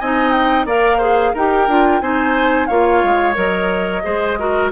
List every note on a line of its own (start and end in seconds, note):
0.00 0.66 C4
0.00 0.68 D#4
0.00 0.67 D#5
0.00 0.31 G#5
0.31 0.65 G5
0.66 1.33 A#3
0.66 1.01 A#4
0.66 0.98 D5
0.66 1.36 F5
0.98 1.35 G#4
0.98 1.31 C5
1.35 1.68 D#4
1.35 1.69 G4
1.35 2.02 A#4
1.35 2.02 G5
1.68 2.01 D4
1.68 2.02 F4
2.01 2.69 C4
2.01 2.70 D#4
2.01 2.68 C5
2.01 2.67 G#5
2.67 3.04 A#3
2.67 3.35 F4
2.67 4.03 C#5
2.67 3.34 F5
3.04 3.37 G#3
3.35 4.04 F#3
3.35 4.02 A#4
3.35 4.71 D#5
4.04 4.72 G#3
4.04 4.37 G#4
4.04 4.39 C5
4.39 4.72 F#4
4.39 4.72 A#4